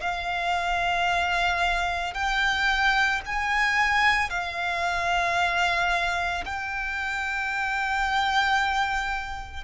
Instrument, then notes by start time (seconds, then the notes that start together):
violin
0.00 F5
2.14 G5
3.26 G#5
4.30 F5
6.45 G5